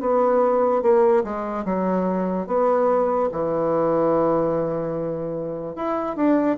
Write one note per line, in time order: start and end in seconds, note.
0.00 0.82 B3
0.82 1.23 A#3
1.23 1.64 G#3
1.65 2.47 F#3
2.47 3.29 B3
3.31 5.75 E3
5.75 6.16 E4
6.16 6.57 D4